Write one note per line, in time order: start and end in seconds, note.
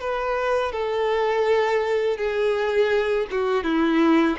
0.00 0.72 B4
0.72 2.17 A4
2.17 3.27 G#4
3.31 3.64 F#4
3.64 4.37 E4